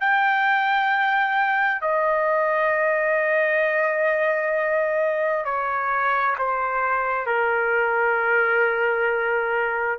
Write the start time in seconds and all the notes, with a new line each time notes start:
0.00 G5
1.81 D#5
5.45 C#5
6.38 C5
7.26 A#4